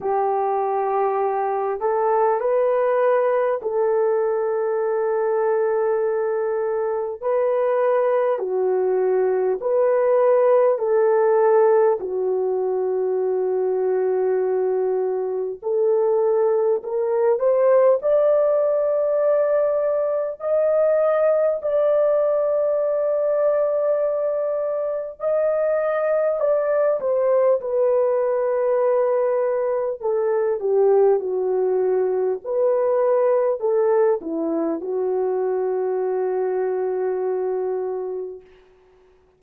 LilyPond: \new Staff \with { instrumentName = "horn" } { \time 4/4 \tempo 4 = 50 g'4. a'8 b'4 a'4~ | a'2 b'4 fis'4 | b'4 a'4 fis'2~ | fis'4 a'4 ais'8 c''8 d''4~ |
d''4 dis''4 d''2~ | d''4 dis''4 d''8 c''8 b'4~ | b'4 a'8 g'8 fis'4 b'4 | a'8 e'8 fis'2. | }